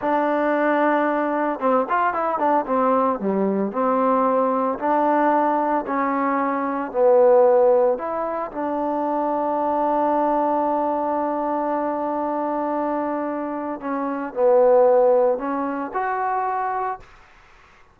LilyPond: \new Staff \with { instrumentName = "trombone" } { \time 4/4 \tempo 4 = 113 d'2. c'8 f'8 | e'8 d'8 c'4 g4 c'4~ | c'4 d'2 cis'4~ | cis'4 b2 e'4 |
d'1~ | d'1~ | d'2 cis'4 b4~ | b4 cis'4 fis'2 | }